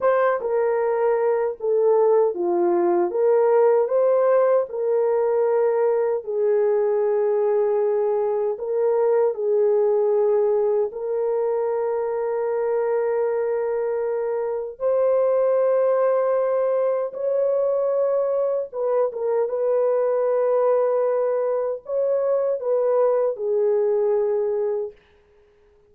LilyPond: \new Staff \with { instrumentName = "horn" } { \time 4/4 \tempo 4 = 77 c''8 ais'4. a'4 f'4 | ais'4 c''4 ais'2 | gis'2. ais'4 | gis'2 ais'2~ |
ais'2. c''4~ | c''2 cis''2 | b'8 ais'8 b'2. | cis''4 b'4 gis'2 | }